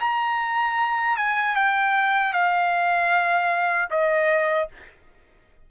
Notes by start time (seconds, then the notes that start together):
0.00 A#5
1.17 G#5
1.55 G5
2.33 F5
3.90 D#5